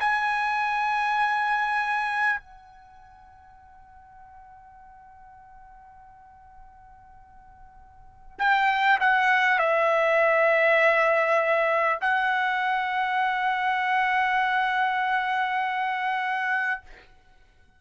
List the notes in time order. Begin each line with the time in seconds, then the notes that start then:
0.00 G#5
2.41 F#5
8.39 G5
9.01 F#5
9.59 E5
12.01 F#5